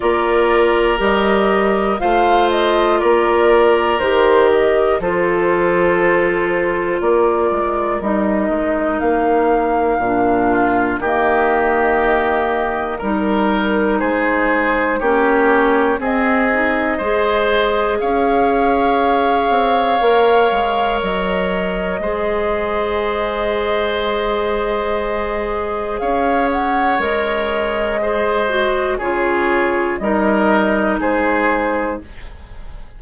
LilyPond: <<
  \new Staff \with { instrumentName = "flute" } { \time 4/4 \tempo 4 = 60 d''4 dis''4 f''8 dis''8 d''4 | c''8 dis''8 c''2 d''4 | dis''4 f''2 dis''4~ | dis''4 ais'4 c''4 cis''4 |
dis''2 f''2~ | f''4 dis''2.~ | dis''2 f''8 fis''8 dis''4~ | dis''4 cis''4 dis''4 c''4 | }
  \new Staff \with { instrumentName = "oboe" } { \time 4/4 ais'2 c''4 ais'4~ | ais'4 a'2 ais'4~ | ais'2~ ais'8 f'8 g'4~ | g'4 ais'4 gis'4 g'4 |
gis'4 c''4 cis''2~ | cis''2 c''2~ | c''2 cis''2 | c''4 gis'4 ais'4 gis'4 | }
  \new Staff \with { instrumentName = "clarinet" } { \time 4/4 f'4 g'4 f'2 | g'4 f'2. | dis'2 d'4 ais4~ | ais4 dis'2 cis'4 |
c'8 dis'8 gis'2. | ais'2 gis'2~ | gis'2. ais'4 | gis'8 fis'8 f'4 dis'2 | }
  \new Staff \with { instrumentName = "bassoon" } { \time 4/4 ais4 g4 a4 ais4 | dis4 f2 ais8 gis8 | g8 gis8 ais4 ais,4 dis4~ | dis4 g4 gis4 ais4 |
c'4 gis4 cis'4. c'8 | ais8 gis8 fis4 gis2~ | gis2 cis'4 gis4~ | gis4 cis4 g4 gis4 | }
>>